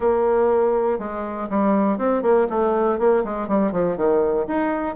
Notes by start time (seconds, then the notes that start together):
0.00 A#3
0.98 G#3
1.49 G3
1.97 C4
2.22 A#3
2.49 A3
2.98 A#3
3.24 G#3
3.48 G3
3.72 F3
3.97 D#3
4.47 D#4